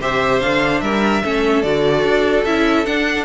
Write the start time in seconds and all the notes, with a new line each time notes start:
0.00 C3 G4 C5 E5
0.39 D3 D4 F5
0.80 G3 A#4 E5
1.23 A3 C#4 A4
1.62 D3 F#4 D5
2.03 D4
2.45 C#4 E4 E5
2.85 D4 F#5